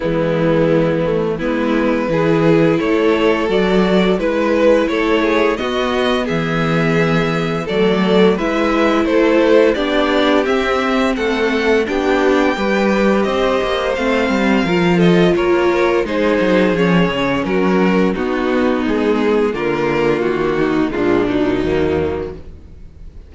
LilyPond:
<<
  \new Staff \with { instrumentName = "violin" } { \time 4/4 \tempo 4 = 86 e'2 b'2 | cis''4 d''4 b'4 cis''4 | dis''4 e''2 d''4 | e''4 c''4 d''4 e''4 |
fis''4 g''2 dis''4 | f''4. dis''8 cis''4 c''4 | cis''4 ais'4 fis'4 gis'4 | ais'4 fis'4 f'8 dis'4. | }
  \new Staff \with { instrumentName = "violin" } { \time 4/4 b2 e'4 gis'4 | a'2 b'4 a'8 gis'8 | fis'4 gis'2 a'4 | b'4 a'4 g'2 |
a'4 g'4 b'4 c''4~ | c''4 ais'8 a'8 ais'4 gis'4~ | gis'4 fis'4 dis'2 | f'4. dis'8 d'4 ais4 | }
  \new Staff \with { instrumentName = "viola" } { \time 4/4 gis4. a8 b4 e'4~ | e'4 fis'4 e'2 | b2. a4 | e'2 d'4 c'4~ |
c'4 d'4 g'2 | c'4 f'2 dis'4 | cis'2 b2 | ais2 gis8 fis4. | }
  \new Staff \with { instrumentName = "cello" } { \time 4/4 e2 gis4 e4 | a4 fis4 gis4 a4 | b4 e2 fis4 | gis4 a4 b4 c'4 |
a4 b4 g4 c'8 ais8 | a8 g8 f4 ais4 gis8 fis8 | f8 cis8 fis4 b4 gis4 | d4 dis4 ais,4 dis,4 | }
>>